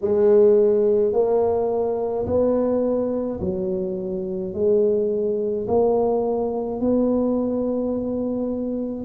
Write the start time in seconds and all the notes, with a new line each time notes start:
0.01 G#3
1.13 A#3
2.26 B3
3.40 F#3
4.53 G#3
5.67 A#3
6.80 B3